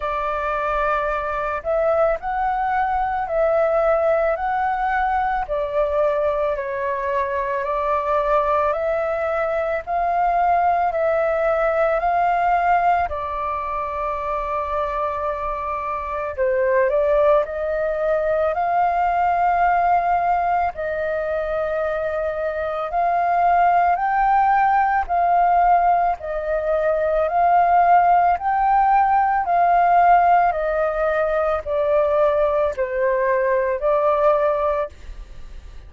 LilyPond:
\new Staff \with { instrumentName = "flute" } { \time 4/4 \tempo 4 = 55 d''4. e''8 fis''4 e''4 | fis''4 d''4 cis''4 d''4 | e''4 f''4 e''4 f''4 | d''2. c''8 d''8 |
dis''4 f''2 dis''4~ | dis''4 f''4 g''4 f''4 | dis''4 f''4 g''4 f''4 | dis''4 d''4 c''4 d''4 | }